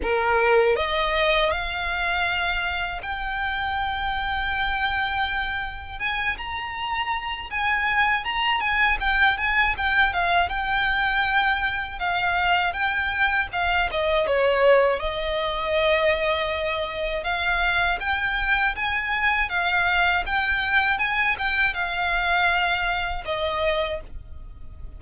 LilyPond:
\new Staff \with { instrumentName = "violin" } { \time 4/4 \tempo 4 = 80 ais'4 dis''4 f''2 | g''1 | gis''8 ais''4. gis''4 ais''8 gis''8 | g''8 gis''8 g''8 f''8 g''2 |
f''4 g''4 f''8 dis''8 cis''4 | dis''2. f''4 | g''4 gis''4 f''4 g''4 | gis''8 g''8 f''2 dis''4 | }